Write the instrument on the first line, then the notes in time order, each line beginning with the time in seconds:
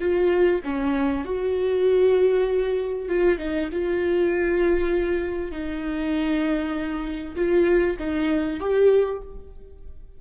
viola
0.00 F4
0.64 C#4
1.25 F#4
3.08 F4
3.38 D#4
3.72 F4
5.52 D#4
7.36 F4
7.98 D#4
8.60 G4